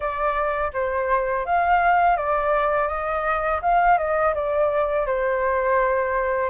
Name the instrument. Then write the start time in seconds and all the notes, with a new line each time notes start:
flute
0.00 D5
0.73 C5
1.45 F5
2.16 D5
2.88 D#5
3.62 F5
3.98 D#5
4.34 D5
5.06 C5